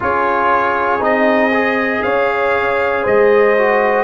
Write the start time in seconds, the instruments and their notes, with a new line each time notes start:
0.00 tuba C#4, trombone F4, horn G#4, trumpet C#5
1.00 tuba C4, trombone D#4, trumpet D#5
1.53 trombone G#4
2.03 tuba C#4, horn C#5, trumpet F5
3.03 tuba G#3, horn C5, trumpet D#5
3.58 trombone F#4